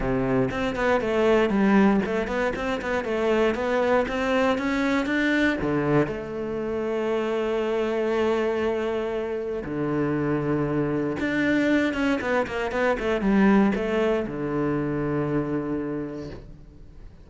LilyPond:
\new Staff \with { instrumentName = "cello" } { \time 4/4 \tempo 4 = 118 c4 c'8 b8 a4 g4 | a8 b8 c'8 b8 a4 b4 | c'4 cis'4 d'4 d4 | a1~ |
a2. d4~ | d2 d'4. cis'8 | b8 ais8 b8 a8 g4 a4 | d1 | }